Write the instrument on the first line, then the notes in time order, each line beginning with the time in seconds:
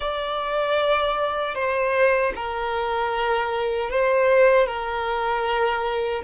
violin
0.00 D5
1.54 C5
2.35 A#4
3.90 C5
4.66 A#4